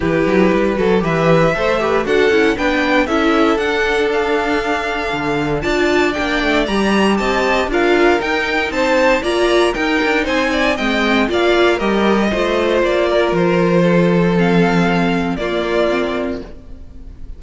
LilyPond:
<<
  \new Staff \with { instrumentName = "violin" } { \time 4/4 \tempo 4 = 117 b'2 e''2 | fis''4 g''4 e''4 fis''4 | f''2. a''4 | g''4 ais''4 a''4 f''4 |
g''4 a''4 ais''4 g''4 | gis''4 g''4 f''4 dis''4~ | dis''4 d''4 c''2 | f''2 d''2 | }
  \new Staff \with { instrumentName = "violin" } { \time 4/4 g'4. a'8 b'4 c''8 b'8 | a'4 b'4 a'2~ | a'2. d''4~ | d''2 dis''4 ais'4~ |
ais'4 c''4 d''4 ais'4 | c''8 d''8 dis''4 d''4 ais'4 | c''4. ais'4. a'4~ | a'2 f'2 | }
  \new Staff \with { instrumentName = "viola" } { \time 4/4 e'4. fis'8 g'4 a'8 g'8 | fis'8 e'8 d'4 e'4 d'4~ | d'2. f'4 | d'4 g'2 f'4 |
dis'2 f'4 dis'4~ | dis'4 c'4 f'4 g'4 | f'1 | c'2 ais4 c'4 | }
  \new Staff \with { instrumentName = "cello" } { \time 4/4 e8 fis8 g8 fis8 e4 a4 | d'8 cis'8 b4 cis'4 d'4~ | d'2 d4 d'4 | ais8 a8 g4 c'4 d'4 |
dis'4 c'4 ais4 dis'8 d'8 | c'4 gis4 ais4 g4 | a4 ais4 f2~ | f2 ais2 | }
>>